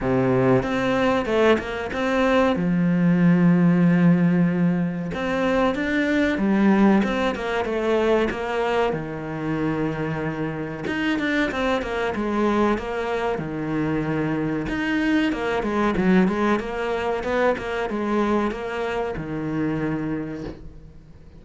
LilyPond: \new Staff \with { instrumentName = "cello" } { \time 4/4 \tempo 4 = 94 c4 c'4 a8 ais8 c'4 | f1 | c'4 d'4 g4 c'8 ais8 | a4 ais4 dis2~ |
dis4 dis'8 d'8 c'8 ais8 gis4 | ais4 dis2 dis'4 | ais8 gis8 fis8 gis8 ais4 b8 ais8 | gis4 ais4 dis2 | }